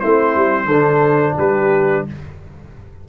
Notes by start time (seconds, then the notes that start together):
0.00 A3 C4 E4 C5
0.35 G3
0.65 D3 A4
0.72 D4
1.37 G3 G4 B4